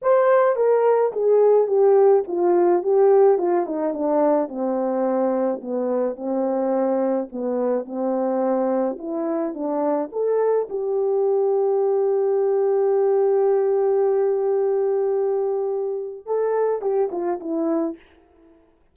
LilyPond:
\new Staff \with { instrumentName = "horn" } { \time 4/4 \tempo 4 = 107 c''4 ais'4 gis'4 g'4 | f'4 g'4 f'8 dis'8 d'4 | c'2 b4 c'4~ | c'4 b4 c'2 |
e'4 d'4 a'4 g'4~ | g'1~ | g'1~ | g'4 a'4 g'8 f'8 e'4 | }